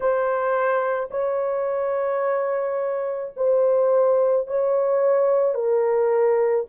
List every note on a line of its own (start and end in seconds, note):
0.00 1.09 C5
1.11 3.33 C#5
3.36 4.47 C5
4.47 5.54 C#5
5.54 6.65 A#4